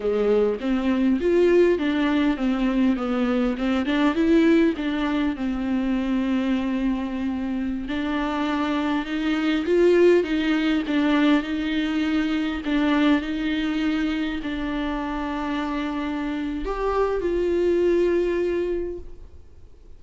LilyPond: \new Staff \with { instrumentName = "viola" } { \time 4/4 \tempo 4 = 101 gis4 c'4 f'4 d'4 | c'4 b4 c'8 d'8 e'4 | d'4 c'2.~ | c'4~ c'16 d'2 dis'8.~ |
dis'16 f'4 dis'4 d'4 dis'8.~ | dis'4~ dis'16 d'4 dis'4.~ dis'16~ | dis'16 d'2.~ d'8. | g'4 f'2. | }